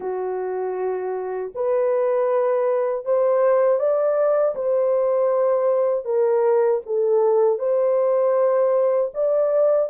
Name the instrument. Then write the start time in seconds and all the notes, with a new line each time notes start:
horn
0.00 F#4
1.54 B4
3.05 C5
3.79 D5
4.55 C5
6.04 A#4
6.86 A4
7.58 C5
9.14 D5